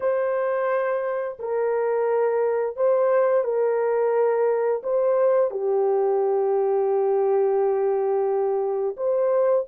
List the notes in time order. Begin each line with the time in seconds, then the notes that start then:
0.00 C5
1.39 A#4
2.76 C5
3.44 A#4
4.83 C5
5.50 G4
8.97 C5